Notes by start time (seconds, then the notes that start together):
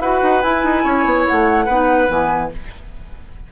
0.00 E4 F#4 B4 F#5
0.23 D#4
0.42 E4 G#5
0.64 D#4
0.84 C#4 C#5
1.05 B3
1.28 A3 F#5
1.65 B3 D#4 B4
2.08 E3 B3 G#5